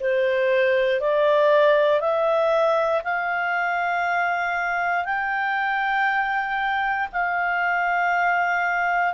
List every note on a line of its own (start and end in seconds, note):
0.00 1.00 C5
1.00 2.01 D5
2.01 3.02 E5
3.04 5.05 F5
5.05 7.08 G5
7.12 9.14 F5